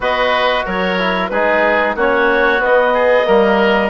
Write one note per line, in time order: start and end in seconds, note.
0.00 0.63 B3
0.00 0.98 F#4
0.00 0.65 B4
0.00 0.67 D#5
0.65 1.30 F#3
0.65 1.30 A#4
0.65 1.28 C#5
0.98 1.31 E4
1.28 1.95 G#3
1.28 1.97 D#4
1.28 1.96 G#4
1.28 1.93 B4
1.95 2.60 A#3
1.95 2.58 C#4
1.95 2.93 F#4
1.95 2.62 C#5
2.58 3.24 B3
2.58 3.27 B3
2.58 3.90 D#5
2.93 3.26 G#4
3.24 3.90 G3
3.24 3.89 A#3
3.24 3.90 A#4